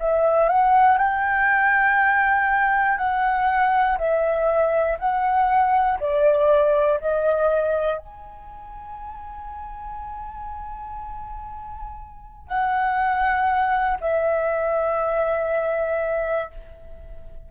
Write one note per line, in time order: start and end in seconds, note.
0.00 0.49 E5
0.49 0.98 F#5
0.98 2.98 G5
2.98 3.98 F#5
3.99 4.99 E5
4.99 5.99 F#5
6.00 7.00 D5
7.01 7.98 D#5
7.98 12.48 G#5
12.48 13.98 F#5
14.01 16.51 E5